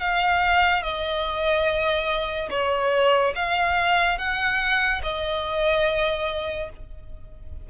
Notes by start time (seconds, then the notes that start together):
0.00 F5
0.82 D#5
2.50 C#5
3.35 F5
4.18 F#5
5.03 D#5